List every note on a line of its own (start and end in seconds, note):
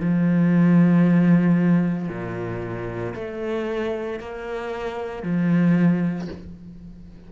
0.00 2.09 F3
2.09 3.14 A#2
3.15 4.20 A3
4.20 5.23 A#3
5.23 6.28 F3